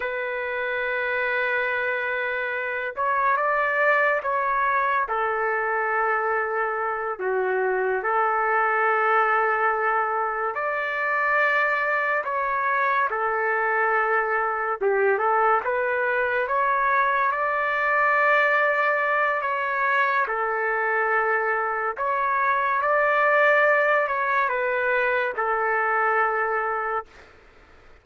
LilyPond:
\new Staff \with { instrumentName = "trumpet" } { \time 4/4 \tempo 4 = 71 b'2.~ b'8 cis''8 | d''4 cis''4 a'2~ | a'8 fis'4 a'2~ a'8~ | a'8 d''2 cis''4 a'8~ |
a'4. g'8 a'8 b'4 cis''8~ | cis''8 d''2~ d''8 cis''4 | a'2 cis''4 d''4~ | d''8 cis''8 b'4 a'2 | }